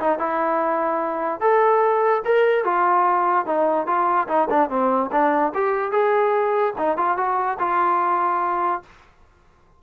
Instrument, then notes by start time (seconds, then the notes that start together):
trombone
0.00 D#4
0.19 E4
1.40 A4
2.25 A#4
2.64 F4
3.46 D#4
3.86 F4
4.28 D#4
4.50 D4
4.69 C4
5.11 D4
5.54 G4
5.92 G#4
6.78 D#4
6.97 F4
7.17 F#4
7.59 F4